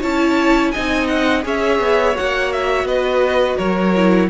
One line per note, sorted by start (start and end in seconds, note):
0.00 0.74 C#4
0.00 0.74 E4
0.00 0.71 C#5
0.00 0.71 A5
0.71 1.42 D#4
0.71 1.44 D#5
0.71 1.06 G#5
0.77 1.45 C4
1.07 1.43 F#5
1.42 1.79 C#4
1.42 2.14 G#4
1.42 2.87 C#5
1.42 2.16 E5
1.79 2.15 B3
2.15 2.83 A#3
2.15 3.93 F#4
2.15 2.52 F#5
2.52 2.87 E5
2.83 3.55 B3
2.83 3.57 B4
2.83 3.57 D#5
3.57 4.29 F#3
3.57 4.28 A#4
3.57 4.29 C#5
3.95 4.29 E4